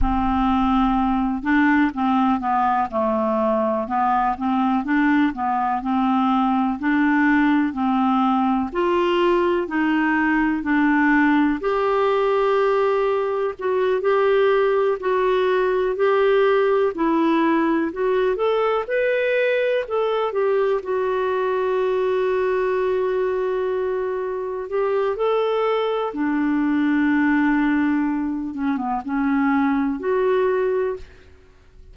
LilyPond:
\new Staff \with { instrumentName = "clarinet" } { \time 4/4 \tempo 4 = 62 c'4. d'8 c'8 b8 a4 | b8 c'8 d'8 b8 c'4 d'4 | c'4 f'4 dis'4 d'4 | g'2 fis'8 g'4 fis'8~ |
fis'8 g'4 e'4 fis'8 a'8 b'8~ | b'8 a'8 g'8 fis'2~ fis'8~ | fis'4. g'8 a'4 d'4~ | d'4. cis'16 b16 cis'4 fis'4 | }